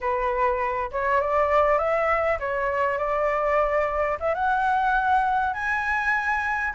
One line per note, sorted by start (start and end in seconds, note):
0.00 0.90 B4
0.91 1.20 C#5
1.20 1.78 D5
1.78 2.38 E5
2.39 2.98 C#5
2.98 4.18 D5
4.20 4.34 E5
4.34 5.53 F#5
5.53 6.73 G#5